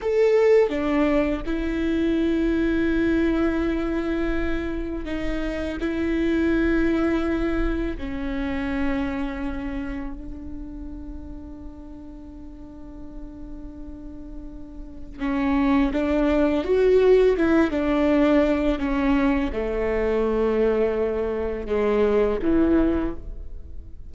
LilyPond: \new Staff \with { instrumentName = "viola" } { \time 4/4 \tempo 4 = 83 a'4 d'4 e'2~ | e'2. dis'4 | e'2. cis'4~ | cis'2 d'2~ |
d'1~ | d'4 cis'4 d'4 fis'4 | e'8 d'4. cis'4 a4~ | a2 gis4 e4 | }